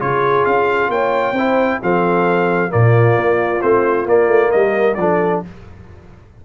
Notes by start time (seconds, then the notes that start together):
0.00 C#3 F4 G#4 C#5
0.46 C#4 F5
0.89 A#3 C#5 G5
1.33 C4 E4 C5
1.83 F3 C4 A4 F5
2.70 A#2 A#3 F4 D5
3.17 A#3
3.62 A3 C4 C5
4.06 A#3 D5
4.28 A3
4.52 G3 A#4 D#5
4.95 F3 D4 A4 D5